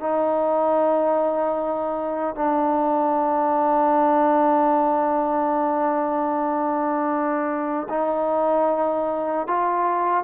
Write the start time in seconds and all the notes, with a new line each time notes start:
0.00 D#4
2.36 D4
7.90 D#4
9.48 F4